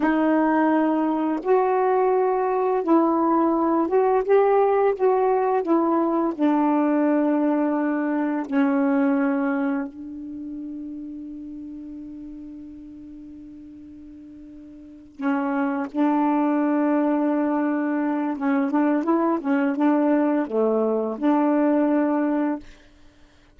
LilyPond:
\new Staff \with { instrumentName = "saxophone" } { \time 4/4 \tempo 4 = 85 dis'2 fis'2 | e'4. fis'8 g'4 fis'4 | e'4 d'2. | cis'2 d'2~ |
d'1~ | d'4. cis'4 d'4.~ | d'2 cis'8 d'8 e'8 cis'8 | d'4 a4 d'2 | }